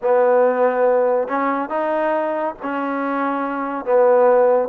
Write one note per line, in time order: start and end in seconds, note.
0.02 1.27 B3
1.27 1.69 C#4
1.69 2.54 D#4
2.62 3.85 C#4
3.85 4.69 B3